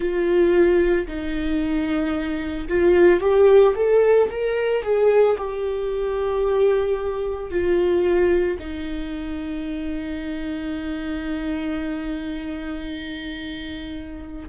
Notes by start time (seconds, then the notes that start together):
0.00 F4
1.07 D#4
2.68 F4
3.20 G4
3.75 A4
4.30 A#4
4.83 G#4
5.37 G4
7.50 F4
8.59 D#4